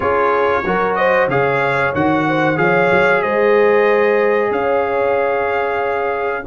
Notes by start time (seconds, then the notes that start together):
0.00 C#4 F4 G#4 C#5
0.64 F#3 F#4 A#4
0.95 C5 D#5
1.27 C#3 G#4 C#5 F5
1.94 D#3 F#4 F#5
2.27 C5
2.56 F3 G#4 C#5 F5
2.91 F#3
3.22 G#3 C5 D#5
4.50 C#4 C#5 F5